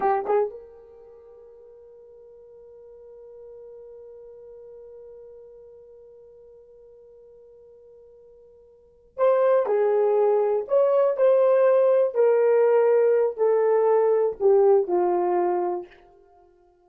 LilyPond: \new Staff \with { instrumentName = "horn" } { \time 4/4 \tempo 4 = 121 g'8 gis'8 ais'2.~ | ais'1~ | ais'1~ | ais'1~ |
ais'2~ ais'8 c''4 gis'8~ | gis'4. cis''4 c''4.~ | c''8 ais'2~ ais'8 a'4~ | a'4 g'4 f'2 | }